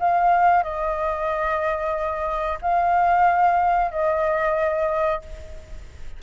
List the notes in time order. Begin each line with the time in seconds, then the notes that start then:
0.00 F5
0.64 D#5
2.62 F5
3.92 D#5